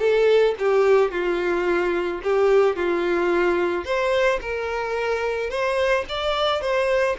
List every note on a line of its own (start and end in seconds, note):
0.00 0.55 A4
0.59 1.12 G4
1.12 2.22 F4
2.24 2.76 G4
2.76 3.85 F4
3.85 4.40 C5
4.42 5.50 A#4
5.50 6.05 C5
6.09 6.62 D5
6.62 7.17 C5